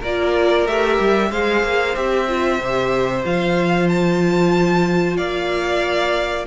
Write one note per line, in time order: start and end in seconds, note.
0.00 0.66 A#3
0.00 0.68 F4
0.00 1.29 A#4
0.00 0.67 D5
0.66 0.98 A3
0.66 1.32 G4
0.66 1.31 E5
0.99 1.31 G3
1.31 1.63 G#3
1.31 1.95 G#4
1.31 5.17 C5
1.31 1.96 F5
1.63 1.95 A#3
1.95 2.59 C4
1.95 2.27 G4
1.95 3.25 E5
2.28 2.60 F4
2.59 3.24 C3
2.59 3.25 G4
3.25 5.18 F3
3.25 6.47 F4
3.25 3.89 F5
3.89 5.17 A5
5.17 6.47 A#3
5.17 6.46 D5
5.17 6.46 F5